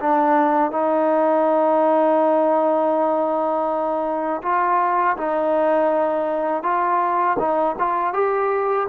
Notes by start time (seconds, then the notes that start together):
0.00 D4
0.72 D#4
4.43 F4
5.17 D#4
6.63 F4
7.39 D#4
7.79 F4
8.14 G4